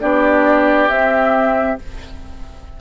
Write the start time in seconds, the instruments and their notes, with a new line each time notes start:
0.00 bassoon B3, clarinet D4, oboe G4, flute D5
0.88 clarinet C4, bassoon C4, flute E5